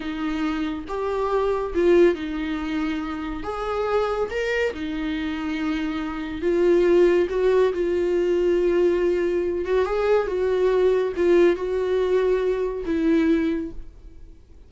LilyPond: \new Staff \with { instrumentName = "viola" } { \time 4/4 \tempo 4 = 140 dis'2 g'2 | f'4 dis'2. | gis'2 ais'4 dis'4~ | dis'2. f'4~ |
f'4 fis'4 f'2~ | f'2~ f'8 fis'8 gis'4 | fis'2 f'4 fis'4~ | fis'2 e'2 | }